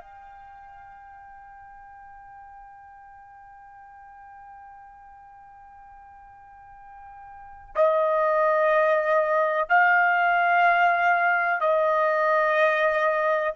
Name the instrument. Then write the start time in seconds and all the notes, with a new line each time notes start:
trumpet
0.00 G5
7.75 D#5
9.69 F5
11.60 D#5